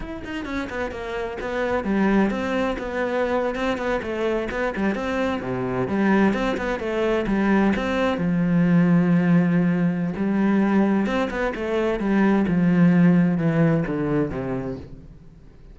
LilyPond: \new Staff \with { instrumentName = "cello" } { \time 4/4 \tempo 4 = 130 e'8 dis'8 cis'8 b8 ais4 b4 | g4 c'4 b4.~ b16 c'16~ | c'16 b8 a4 b8 g8 c'4 c16~ | c8. g4 c'8 b8 a4 g16~ |
g8. c'4 f2~ f16~ | f2 g2 | c'8 b8 a4 g4 f4~ | f4 e4 d4 c4 | }